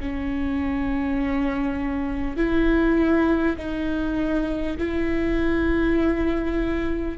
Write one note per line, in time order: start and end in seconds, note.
0.00 2.36 C#4
2.36 3.56 E4
3.57 4.77 D#4
4.77 7.17 E4